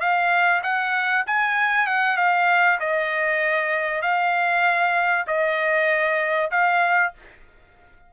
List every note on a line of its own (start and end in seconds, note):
0.00 0.62 F5
0.63 1.25 F#5
1.27 1.87 G#5
1.87 2.17 F#5
2.17 2.79 F5
2.80 4.02 D#5
4.02 5.25 F5
5.27 6.51 D#5
6.51 7.13 F5